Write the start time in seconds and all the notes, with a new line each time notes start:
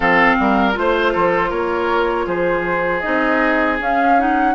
0.00 F3 C4 A4 F5
0.39 G3 A#4
0.73 A3 F4 C5
0.79 C5
1.12 F3 A4
1.49 A#3 A#4 C#5
2.26 F3 G#4 C5
3.00 C4 D#4 D#5
3.80 C#4 F5
4.18 D#4 F#5